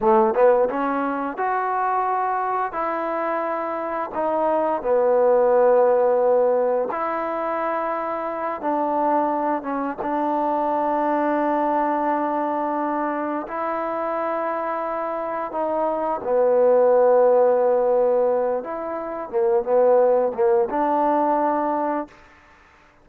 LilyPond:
\new Staff \with { instrumentName = "trombone" } { \time 4/4 \tempo 4 = 87 a8 b8 cis'4 fis'2 | e'2 dis'4 b4~ | b2 e'2~ | e'8 d'4. cis'8 d'4.~ |
d'2.~ d'8 e'8~ | e'2~ e'8 dis'4 b8~ | b2. e'4 | ais8 b4 ais8 d'2 | }